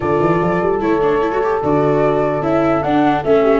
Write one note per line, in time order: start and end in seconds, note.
0.00 0.19 D3
0.00 0.80 F4
0.00 3.41 A4
0.00 0.79 D5
0.19 0.39 E3
0.41 0.61 F3
0.62 0.80 G3
0.80 1.61 A3
0.80 1.00 E4
0.80 1.61 C#5
1.02 1.22 D4
1.22 1.32 E4
1.32 1.42 F#4
1.43 1.63 G4
1.62 2.40 D3
1.62 2.42 F#4
1.62 2.43 D5
2.40 2.81 C#4
2.40 2.82 E4
2.40 2.82 E5
2.82 3.23 D4
2.82 3.24 D4
2.82 3.23 F#5
3.23 3.59 A3
3.23 3.59 C#4
3.23 3.59 E5
3.42 3.59 G4